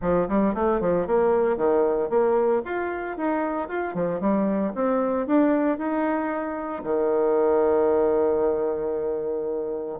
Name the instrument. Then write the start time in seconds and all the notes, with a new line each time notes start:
bassoon
0.01 F3
0.28 G3
0.54 A3
0.80 F3
1.06 A#3
1.56 D#3
2.09 A#3
2.65 F4
3.17 D#4
3.68 F4
3.94 F3
4.20 G3
4.74 C4
5.27 D4
5.78 D#4
6.83 D#3